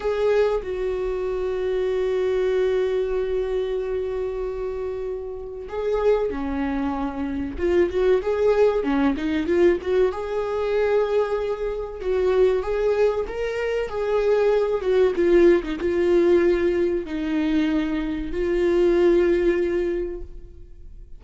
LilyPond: \new Staff \with { instrumentName = "viola" } { \time 4/4 \tempo 4 = 95 gis'4 fis'2.~ | fis'1~ | fis'4 gis'4 cis'2 | f'8 fis'8 gis'4 cis'8 dis'8 f'8 fis'8 |
gis'2. fis'4 | gis'4 ais'4 gis'4. fis'8 | f'8. dis'16 f'2 dis'4~ | dis'4 f'2. | }